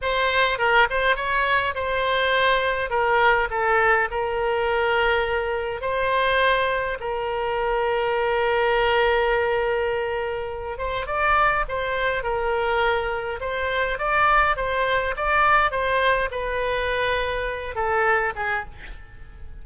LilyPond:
\new Staff \with { instrumentName = "oboe" } { \time 4/4 \tempo 4 = 103 c''4 ais'8 c''8 cis''4 c''4~ | c''4 ais'4 a'4 ais'4~ | ais'2 c''2 | ais'1~ |
ais'2~ ais'8 c''8 d''4 | c''4 ais'2 c''4 | d''4 c''4 d''4 c''4 | b'2~ b'8 a'4 gis'8 | }